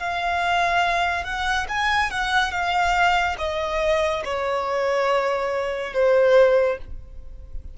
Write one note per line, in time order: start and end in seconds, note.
0.00 1.24 F5
1.24 1.67 F#5
1.69 2.11 G#5
2.11 2.52 F#5
2.52 3.36 F5
3.39 4.23 D#5
4.25 5.94 C#5
5.94 6.78 C5